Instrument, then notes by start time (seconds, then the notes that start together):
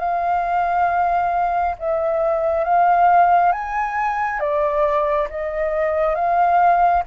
flute
0.00 F5
1.79 E5
2.65 F5
3.53 G#5
4.40 D5
5.30 D#5
6.15 F5